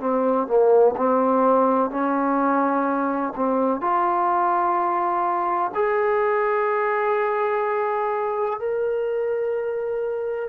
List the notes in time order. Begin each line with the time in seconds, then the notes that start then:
0.00 C4
0.47 A#3
0.96 C4
1.90 C#4
3.35 C4
3.81 F4
5.74 G#4
8.59 A#4